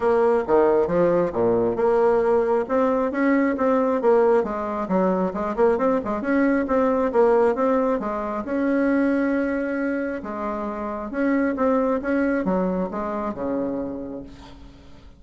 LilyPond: \new Staff \with { instrumentName = "bassoon" } { \time 4/4 \tempo 4 = 135 ais4 dis4 f4 ais,4 | ais2 c'4 cis'4 | c'4 ais4 gis4 fis4 | gis8 ais8 c'8 gis8 cis'4 c'4 |
ais4 c'4 gis4 cis'4~ | cis'2. gis4~ | gis4 cis'4 c'4 cis'4 | fis4 gis4 cis2 | }